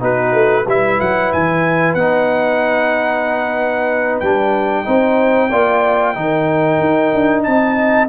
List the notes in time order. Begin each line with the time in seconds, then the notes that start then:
0.00 B3 D#4 F#4 B4
0.33 A3
0.64 G3 E4 B4 E5
1.00 F#3 F#5
1.33 E3 G#5
1.95 B3 D#4 F#5
4.20 G3 D4 G5
4.85 C4 D#4 C5
5.49 A#3 F4 D5
6.15 D#3 D#4 A#4
6.80 D#4
7.15 D4
7.43 C4 D#5 A5